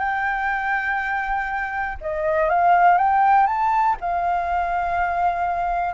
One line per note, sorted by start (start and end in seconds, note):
0.00 1.98 G5
2.02 2.50 D#5
2.50 2.98 F5
2.98 3.47 G5
3.47 3.97 A5
4.01 5.95 F5